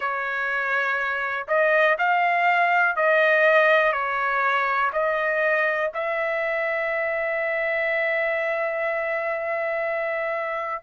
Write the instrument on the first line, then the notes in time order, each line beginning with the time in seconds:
trumpet
0.00 C#5
1.47 D#5
1.98 F5
2.96 D#5
3.92 C#5
4.92 D#5
5.93 E5